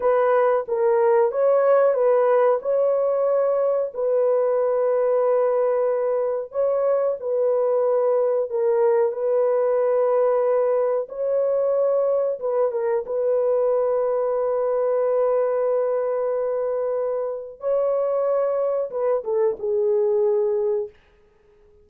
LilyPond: \new Staff \with { instrumentName = "horn" } { \time 4/4 \tempo 4 = 92 b'4 ais'4 cis''4 b'4 | cis''2 b'2~ | b'2 cis''4 b'4~ | b'4 ais'4 b'2~ |
b'4 cis''2 b'8 ais'8 | b'1~ | b'2. cis''4~ | cis''4 b'8 a'8 gis'2 | }